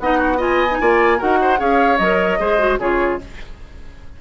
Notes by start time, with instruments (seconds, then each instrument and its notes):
0.00 bassoon B3, clarinet D#4, oboe D#5, flute F#5
0.19 oboe F#4
0.37 clarinet F4, oboe D#5, flute G#5
0.71 clarinet D#4
0.81 bassoon A#3, clarinet F4, oboe D5
1.18 bassoon D#4, clarinet F#4, oboe A#4, flute F#5
1.42 oboe C5
1.57 bassoon C#4, clarinet G#4, oboe C#5, flute F5
1.98 bassoon F#3, clarinet A#4, flute D#5
2.39 bassoon G#3, clarinet G#4, oboe C5
2.59 clarinet F#4
2.79 bassoon C#3, clarinet F4, oboe G#4, flute C#5